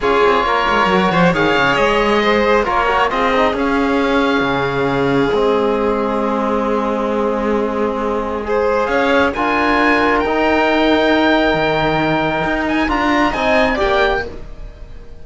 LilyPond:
<<
  \new Staff \with { instrumentName = "oboe" } { \time 4/4 \tempo 4 = 135 cis''2. f''4 | dis''2 cis''4 dis''4 | f''1 | dis''1~ |
dis''1 | f''4 gis''2 g''4~ | g''1~ | g''8 gis''8 ais''4 gis''4 g''4 | }
  \new Staff \with { instrumentName = "violin" } { \time 4/4 gis'4 ais'4. c''8 cis''4~ | cis''4 c''4 ais'4 gis'4~ | gis'1~ | gis'1~ |
gis'2. c''4 | cis''4 ais'2.~ | ais'1~ | ais'2 dis''4 d''4 | }
  \new Staff \with { instrumentName = "trombone" } { \time 4/4 f'2 fis'4 gis'4~ | gis'2 f'8 fis'8 f'8 dis'8 | cis'1 | c'1~ |
c'2. gis'4~ | gis'4 f'2 dis'4~ | dis'1~ | dis'4 f'4 dis'4 g'4 | }
  \new Staff \with { instrumentName = "cello" } { \time 4/4 cis'8 c'8 ais8 gis8 fis8 f8 dis8 cis8 | gis2 ais4 c'4 | cis'2 cis2 | gis1~ |
gis1 | cis'4 d'2 dis'4~ | dis'2 dis2 | dis'4 d'4 c'4 ais4 | }
>>